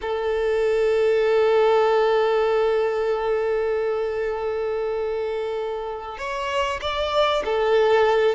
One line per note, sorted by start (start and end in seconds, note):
0.01 6.18 A4
6.18 6.80 C#5
6.81 7.43 D5
7.45 8.35 A4